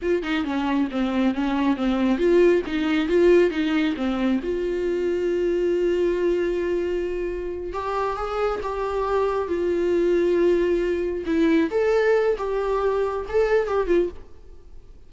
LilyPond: \new Staff \with { instrumentName = "viola" } { \time 4/4 \tempo 4 = 136 f'8 dis'8 cis'4 c'4 cis'4 | c'4 f'4 dis'4 f'4 | dis'4 c'4 f'2~ | f'1~ |
f'4. g'4 gis'4 g'8~ | g'4. f'2~ f'8~ | f'4. e'4 a'4. | g'2 a'4 g'8 f'8 | }